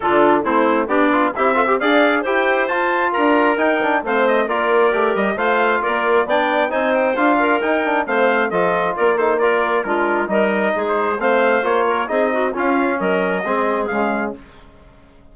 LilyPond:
<<
  \new Staff \with { instrumentName = "trumpet" } { \time 4/4 \tempo 4 = 134 a'4 c''4 d''4 e''4 | f''4 g''4 a''4 ais''4 | g''4 f''8 dis''8 d''4. dis''8 | f''4 d''4 g''4 gis''8 g''8 |
f''4 g''4 f''4 dis''4 | d''8 c''8 d''4 ais'4 dis''4~ | dis''16 c''8. f''4 cis''4 dis''4 | f''4 dis''2 f''4 | }
  \new Staff \with { instrumentName = "clarinet" } { \time 4/4 f'4 e'4 d'4 g'8 a'16 g'16 | d''4 c''2 ais'4~ | ais'4 c''4 ais'2 | c''4 ais'4 d''4 c''4~ |
c''8 ais'4. c''4 a'4 | ais'8 a'8 ais'4 f'4 ais'4 | gis'4 c''4. ais'8 gis'8 fis'8 | f'4 ais'4 gis'2 | }
  \new Staff \with { instrumentName = "trombone" } { \time 4/4 d'4 c'4 g'8 f'8 e'8 f'16 g'16 | gis'4 g'4 f'2 | dis'8 d'8 c'4 f'4 g'4 | f'2 d'4 dis'4 |
f'4 dis'8 d'8 c'4 f'4~ | f'8 dis'8 f'4 d'4 dis'4~ | dis'4 c'4 f'4 dis'4 | cis'2 c'4 gis4 | }
  \new Staff \with { instrumentName = "bassoon" } { \time 4/4 d4 a4 b4 c'4 | d'4 e'4 f'4 d'4 | dis'4 a4 ais4 a8 g8 | a4 ais4 b4 c'4 |
d'4 dis'4 a4 f4 | ais2 gis4 g4 | gis4 a4 ais4 c'4 | cis'4 fis4 gis4 cis4 | }
>>